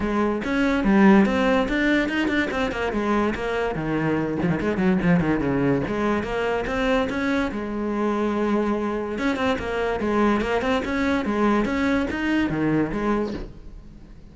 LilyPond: \new Staff \with { instrumentName = "cello" } { \time 4/4 \tempo 4 = 144 gis4 cis'4 g4 c'4 | d'4 dis'8 d'8 c'8 ais8 gis4 | ais4 dis4. f16 dis16 gis8 fis8 | f8 dis8 cis4 gis4 ais4 |
c'4 cis'4 gis2~ | gis2 cis'8 c'8 ais4 | gis4 ais8 c'8 cis'4 gis4 | cis'4 dis'4 dis4 gis4 | }